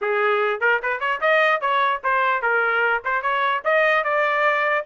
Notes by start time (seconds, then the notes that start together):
0.01 G#4
0.60 A#4
0.82 B4
1.00 C#5
1.20 D#5
1.60 C#5
2.03 C5
2.42 A#4
3.04 C5
3.22 C#5
3.64 D#5
4.04 D5